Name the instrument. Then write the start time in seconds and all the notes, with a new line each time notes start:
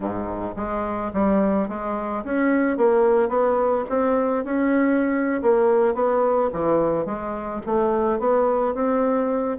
bassoon
0.00 G#2
0.56 G#3
1.13 G3
1.68 G#3
2.24 C#4
2.77 A#3
3.29 B3
3.89 C4
4.44 C#4
5.42 A#3
5.94 B3
6.52 E3
7.05 G#3
7.66 A3
8.19 B3
8.74 C4